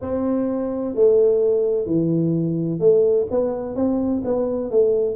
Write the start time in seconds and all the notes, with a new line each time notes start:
0.01 C4
0.95 A3
1.85 E3
2.79 A3
3.30 B3
3.75 C4
4.24 B3
4.70 A3